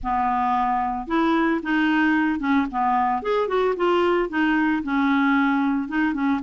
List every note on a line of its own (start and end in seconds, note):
0.03 1.07 B3
1.07 1.60 E4
1.62 2.39 D#4
2.39 2.66 C#4
2.71 3.22 B3
3.22 3.47 G#4
3.47 3.74 F#4
3.76 4.29 F4
4.29 4.82 D#4
4.83 5.88 C#4
5.88 6.13 D#4
6.13 6.40 C#4